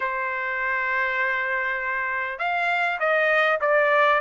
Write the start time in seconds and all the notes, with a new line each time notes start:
0.00 C5
2.38 F5
2.99 D#5
3.61 D5